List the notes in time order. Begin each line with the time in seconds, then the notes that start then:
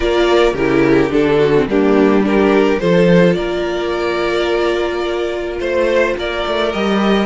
0.00 A#3 F4 A#4 D5
0.53 C#3 E4 G4 A#4
1.10 D3 D4 A4
1.38 F#4
1.55 C4
1.66 G3 A#3 D4 G4
2.23 D4 G4 A#4
2.79 F3 F4 A4 C5
3.33 A#3 A#4 D5
5.59 A3 C5
6.16 A#3 A#4 D5
6.46 A3
6.72 G3 G4 D#5